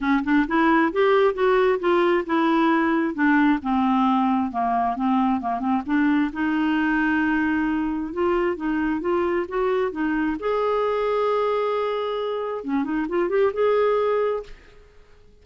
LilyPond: \new Staff \with { instrumentName = "clarinet" } { \time 4/4 \tempo 4 = 133 cis'8 d'8 e'4 g'4 fis'4 | f'4 e'2 d'4 | c'2 ais4 c'4 | ais8 c'8 d'4 dis'2~ |
dis'2 f'4 dis'4 | f'4 fis'4 dis'4 gis'4~ | gis'1 | cis'8 dis'8 f'8 g'8 gis'2 | }